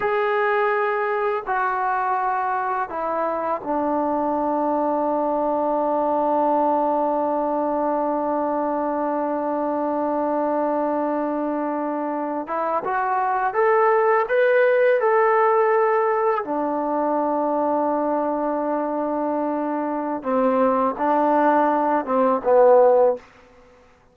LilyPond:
\new Staff \with { instrumentName = "trombone" } { \time 4/4 \tempo 4 = 83 gis'2 fis'2 | e'4 d'2.~ | d'1~ | d'1~ |
d'4~ d'16 e'8 fis'4 a'4 b'16~ | b'8. a'2 d'4~ d'16~ | d'1 | c'4 d'4. c'8 b4 | }